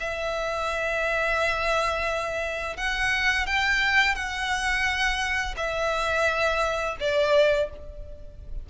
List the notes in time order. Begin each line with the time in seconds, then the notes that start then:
0.00 E5
2.77 F#5
3.47 G5
4.15 F#5
5.57 E5
7.00 D5